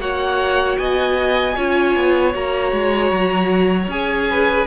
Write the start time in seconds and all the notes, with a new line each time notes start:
0.00 A#3 F#4 C#5 F#5
0.78 B3 D#5 G#5
1.56 C#4 F4 C#5
1.96 B3
2.33 A#3 F#4 A#5
2.73 G#3
3.12 F#3
3.88 C#4 G#4 G#5
4.31 B4